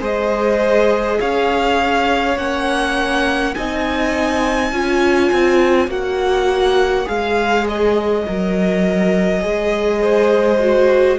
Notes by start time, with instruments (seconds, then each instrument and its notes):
0.00 cello G#3, viola G#4, violin C5 D#5
1.20 cello C#4, violin C#5 F5
2.37 cello A#3, viola C#4, violin F#5
3.55 cello C4, viola D#4, violin D#5 G#5
4.72 cello C#4, viola F4, violin C#5
5.32 cello C4
5.88 cello A#3, viola F#4, violin F#5
7.05 cello G#3, viola G#4, violin F5
7.68 violin D#5
8.27 cello F#3, viola A#4
9.41 cello G#3, viola G#4
10.02 violin C5
10.60 viola F#4